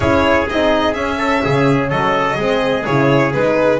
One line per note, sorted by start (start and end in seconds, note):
0.00 0.46 C#4
0.00 0.48 E4
0.00 1.18 G#4
0.00 0.48 C#5
0.49 0.95 C4
0.49 0.94 D#4
0.49 0.93 D#5
0.93 2.37 C#4
0.93 1.42 C#4
0.93 1.88 E5
1.18 1.41 A4
1.44 1.91 C#3
1.44 1.89 G#4
1.89 2.37 F#3
1.89 2.35 A4
1.89 2.84 D#5
2.35 2.85 G#3
2.35 2.85 C4
2.35 3.78 G#4
2.84 3.34 C#3
2.84 3.34 E4
2.84 3.32 C#5
3.33 3.79 G#3
3.33 3.79 D#4
3.33 3.79 B4